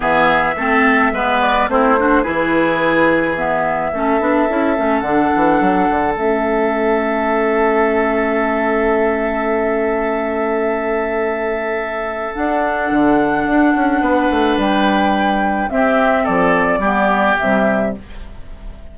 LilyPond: <<
  \new Staff \with { instrumentName = "flute" } { \time 4/4 \tempo 4 = 107 e''2~ e''8 d''8 c''4 | b'2 e''2~ | e''4 fis''2 e''4~ | e''1~ |
e''1~ | e''2 fis''2~ | fis''2 g''2 | e''4 d''2 e''4 | }
  \new Staff \with { instrumentName = "oboe" } { \time 4/4 gis'4 a'4 b'4 e'8 fis'8 | gis'2. a'4~ | a'1~ | a'1~ |
a'1~ | a'1~ | a'4 b'2. | g'4 a'4 g'2 | }
  \new Staff \with { instrumentName = "clarinet" } { \time 4/4 b4 c'4 b4 c'8 d'8 | e'2 b4 cis'8 d'8 | e'8 cis'8 d'2 cis'4~ | cis'1~ |
cis'1~ | cis'2 d'2~ | d'1 | c'2 b4 g4 | }
  \new Staff \with { instrumentName = "bassoon" } { \time 4/4 e4 a4 gis4 a4 | e2. a8 b8 | cis'8 a8 d8 e8 fis8 d8 a4~ | a1~ |
a1~ | a2 d'4 d4 | d'8 cis'8 b8 a8 g2 | c'4 f4 g4 c4 | }
>>